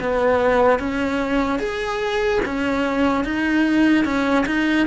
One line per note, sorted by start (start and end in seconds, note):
0.00 0.79 B3
0.79 1.59 C#4
1.59 2.40 G#4
2.45 3.24 C#4
3.24 4.05 D#4
4.05 4.45 C#4
4.46 4.86 D#4